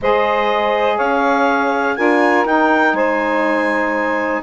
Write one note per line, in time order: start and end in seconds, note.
0.01 0.99 G#3
0.01 1.96 G#4
0.01 0.96 C5
0.01 0.98 D#5
0.96 1.97 C#4
0.96 1.94 C#5
0.96 1.96 F5
1.96 2.45 D4
1.96 2.45 F4
1.96 2.95 A#4
1.96 2.45 G#5
2.45 2.93 D#4
2.45 4.42 D#4
2.45 2.95 G5
2.93 4.40 G#3
2.93 4.42 C5
2.93 4.42 G#5